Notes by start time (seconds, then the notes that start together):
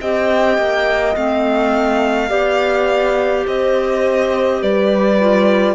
0.00 C4 G4 D#5 G5
0.58 A#3
1.15 A3 C4 F5
2.28 B3 G4 D5
3.47 C4 C5 D#5
4.62 G3 B4 D5
5.19 F4